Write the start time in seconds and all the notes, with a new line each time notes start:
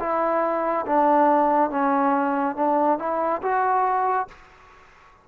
0.00 E4
0.86 D4
1.70 C#4
2.56 D4
2.99 E4
3.42 F#4